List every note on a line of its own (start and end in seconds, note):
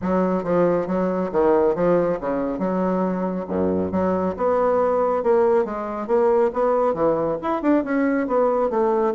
0.01 0.43 F#3
0.43 0.87 F3
0.87 1.30 F#3
1.32 1.75 D#3
1.75 2.18 F3
2.20 2.58 C#3
2.58 3.45 F#3
3.48 3.91 F#2
3.91 4.35 F#3
4.37 5.23 B3
5.23 5.64 A#3
5.64 6.07 G#3
6.07 6.50 A#3
6.53 6.93 B3
6.93 7.37 E3
7.42 7.62 E4
7.62 7.84 D4
7.84 8.27 C#4
8.27 8.70 B3
8.70 9.13 A3